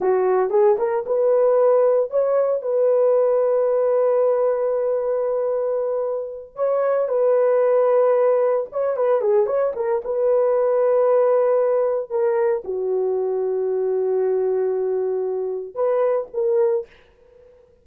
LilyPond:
\new Staff \with { instrumentName = "horn" } { \time 4/4 \tempo 4 = 114 fis'4 gis'8 ais'8 b'2 | cis''4 b'2.~ | b'1~ | b'8 cis''4 b'2~ b'8~ |
b'8 cis''8 b'8 gis'8 cis''8 ais'8 b'4~ | b'2. ais'4 | fis'1~ | fis'2 b'4 ais'4 | }